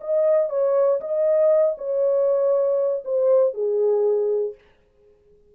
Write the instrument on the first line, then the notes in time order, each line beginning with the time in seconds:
horn
0.00 D#5
0.49 C#5
1.00 D#5
1.77 C#5
3.04 C5
3.53 G#4